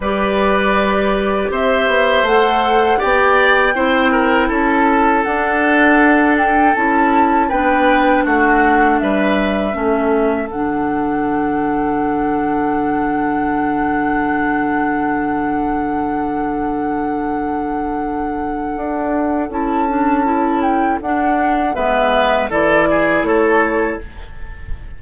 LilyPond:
<<
  \new Staff \with { instrumentName = "flute" } { \time 4/4 \tempo 4 = 80 d''2 e''4 fis''4 | g''2 a''4 fis''4~ | fis''8 g''8 a''4 g''4 fis''4 | e''2 fis''2~ |
fis''1~ | fis''1~ | fis''2 a''4. g''8 | fis''4 e''4 d''4 cis''4 | }
  \new Staff \with { instrumentName = "oboe" } { \time 4/4 b'2 c''2 | d''4 c''8 ais'8 a'2~ | a'2 b'4 fis'4 | b'4 a'2.~ |
a'1~ | a'1~ | a'1~ | a'4 b'4 a'8 gis'8 a'4 | }
  \new Staff \with { instrumentName = "clarinet" } { \time 4/4 g'2. a'4 | g'4 e'2 d'4~ | d'4 e'4 d'2~ | d'4 cis'4 d'2~ |
d'1~ | d'1~ | d'2 e'8 d'8 e'4 | d'4 b4 e'2 | }
  \new Staff \with { instrumentName = "bassoon" } { \time 4/4 g2 c'8 b8 a4 | b4 c'4 cis'4 d'4~ | d'4 cis'4 b4 a4 | g4 a4 d2~ |
d1~ | d1~ | d4 d'4 cis'2 | d'4 gis4 e4 a4 | }
>>